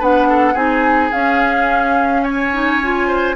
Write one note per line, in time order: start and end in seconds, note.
0.00 0.55 B3
0.00 0.55 D4
0.00 0.28 B4
0.00 0.57 F#5
0.30 0.54 A4
0.54 1.11 C4
0.54 1.11 D#4
0.54 2.22 G#4
0.54 1.12 G#5
1.12 3.36 C#4
1.12 2.53 C#4
1.12 2.24 F5
2.24 3.08 C#5
2.24 3.36 G#5
2.53 2.81 D#4
2.83 3.36 F4
3.08 3.36 C5